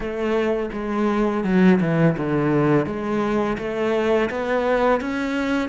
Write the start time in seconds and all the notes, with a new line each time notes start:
0.00 A3
0.72 G#3
1.44 F#3
1.80 E3
2.17 D3
2.85 G#3
3.57 A3
4.30 B3
5.00 C#4